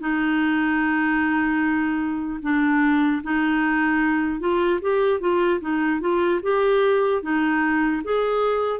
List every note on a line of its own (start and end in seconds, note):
0.00 2.40 D#4
2.42 3.22 D4
3.23 4.40 D#4
4.40 4.80 F4
4.81 5.20 G4
5.20 5.60 F4
5.60 6.00 D#4
6.00 6.40 F4
6.43 7.22 G4
7.22 8.02 D#4
8.04 8.80 G#4